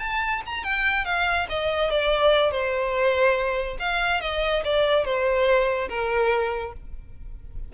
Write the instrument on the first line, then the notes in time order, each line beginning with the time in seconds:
violin
0.00 A5
0.46 A#5
0.64 G5
1.05 F5
1.50 D#5
1.91 D5
2.52 C5
3.80 F5
4.21 D#5
4.65 D5
5.05 C5
5.89 A#4